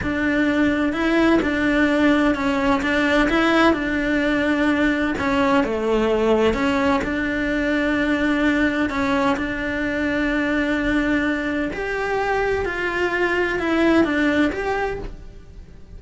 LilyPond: \new Staff \with { instrumentName = "cello" } { \time 4/4 \tempo 4 = 128 d'2 e'4 d'4~ | d'4 cis'4 d'4 e'4 | d'2. cis'4 | a2 cis'4 d'4~ |
d'2. cis'4 | d'1~ | d'4 g'2 f'4~ | f'4 e'4 d'4 g'4 | }